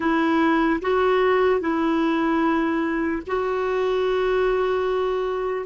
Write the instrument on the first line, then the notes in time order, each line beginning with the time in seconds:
clarinet
0.00 E4
0.81 F#4
1.60 E4
3.27 F#4